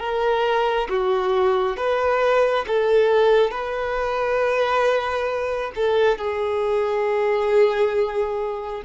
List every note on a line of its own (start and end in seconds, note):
0.00 0.88 A#4
0.89 1.77 F#4
1.77 2.66 B4
2.68 3.51 A4
3.51 5.72 B4
5.76 6.18 A4
6.18 8.83 G#4